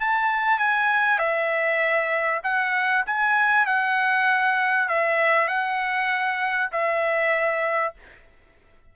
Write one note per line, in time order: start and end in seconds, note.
0.00 0.59 A5
0.59 1.18 G#5
1.18 2.41 E5
2.43 3.04 F#5
3.06 3.66 G#5
3.66 4.88 F#5
4.88 5.48 E5
5.48 6.70 F#5
6.72 7.94 E5